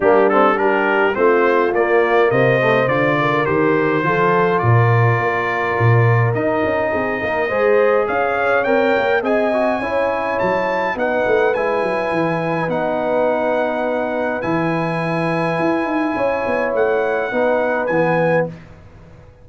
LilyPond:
<<
  \new Staff \with { instrumentName = "trumpet" } { \time 4/4 \tempo 4 = 104 g'8 a'8 ais'4 c''4 d''4 | dis''4 d''4 c''2 | d''2. dis''4~ | dis''2 f''4 g''4 |
gis''2 a''4 fis''4 | gis''2 fis''2~ | fis''4 gis''2.~ | gis''4 fis''2 gis''4 | }
  \new Staff \with { instrumentName = "horn" } { \time 4/4 d'4 g'4 f'2 | c''4. ais'4. a'4 | ais'1 | gis'8 ais'8 c''4 cis''2 |
dis''4 cis''2 b'4~ | b'1~ | b'1 | cis''2 b'2 | }
  \new Staff \with { instrumentName = "trombone" } { \time 4/4 ais8 c'8 d'4 c'4 ais4~ | ais8 a8 f'4 g'4 f'4~ | f'2. dis'4~ | dis'4 gis'2 ais'4 |
gis'8 fis'8 e'2 dis'4 | e'2 dis'2~ | dis'4 e'2.~ | e'2 dis'4 b4 | }
  \new Staff \with { instrumentName = "tuba" } { \time 4/4 g2 a4 ais4 | c4 d4 dis4 f4 | ais,4 ais4 ais,4 dis'8 cis'8 | c'8 ais8 gis4 cis'4 c'8 ais8 |
c'4 cis'4 fis4 b8 a8 | gis8 fis8 e4 b2~ | b4 e2 e'8 dis'8 | cis'8 b8 a4 b4 e4 | }
>>